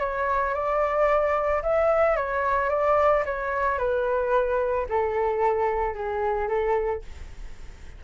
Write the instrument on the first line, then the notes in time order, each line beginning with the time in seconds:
flute
0.00 C#5
0.54 D5
1.63 E5
2.16 C#5
2.70 D5
3.25 C#5
3.78 B4
4.89 A4
5.94 G#4
6.48 A4